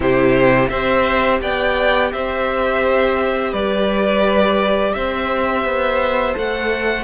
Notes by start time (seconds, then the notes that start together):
0.00 C3 E4 G4 C5
0.69 C4 G4 C5 E5
1.41 B3 D5 G5
2.12 C4 C5 E5
3.50 G3 B4 D5
4.93 C4 C5 E5
5.64 B3
6.33 A3 A4 F#5